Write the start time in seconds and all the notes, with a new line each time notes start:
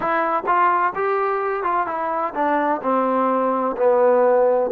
0.00 E4
0.46 F4
0.95 G4
1.63 F4
1.86 E4
2.34 D4
2.82 C4
3.76 B3